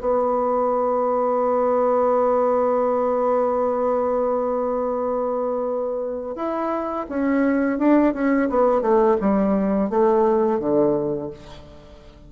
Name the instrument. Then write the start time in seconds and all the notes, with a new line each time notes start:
bassoon
0.00 B3
6.35 E4
7.09 C#4
7.79 D4
8.13 C#4
8.49 B3
8.81 A3
9.20 G3
9.90 A3
10.59 D3